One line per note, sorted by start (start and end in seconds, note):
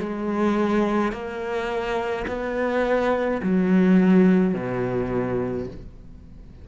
0.00 1.13 G#3
1.13 2.26 A#3
2.28 3.41 B3
3.43 4.54 F#3
4.54 5.68 B2